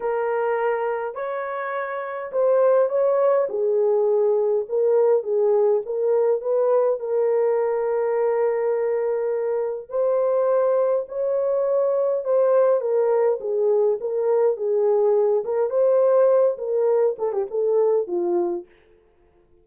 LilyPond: \new Staff \with { instrumentName = "horn" } { \time 4/4 \tempo 4 = 103 ais'2 cis''2 | c''4 cis''4 gis'2 | ais'4 gis'4 ais'4 b'4 | ais'1~ |
ais'4 c''2 cis''4~ | cis''4 c''4 ais'4 gis'4 | ais'4 gis'4. ais'8 c''4~ | c''8 ais'4 a'16 g'16 a'4 f'4 | }